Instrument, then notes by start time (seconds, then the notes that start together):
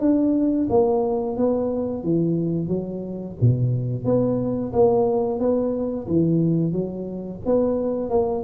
tuba
0.00 D4
0.70 A#3
1.36 B3
2.03 E3
2.68 F#3
3.41 B2
4.04 B3
4.73 A#3
5.39 B3
6.07 E3
6.72 F#3
7.46 B3
8.10 A#3